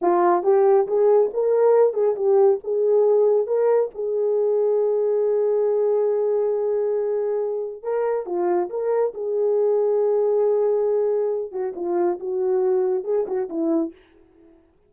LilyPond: \new Staff \with { instrumentName = "horn" } { \time 4/4 \tempo 4 = 138 f'4 g'4 gis'4 ais'4~ | ais'8 gis'8 g'4 gis'2 | ais'4 gis'2.~ | gis'1~ |
gis'2 ais'4 f'4 | ais'4 gis'2.~ | gis'2~ gis'8 fis'8 f'4 | fis'2 gis'8 fis'8 e'4 | }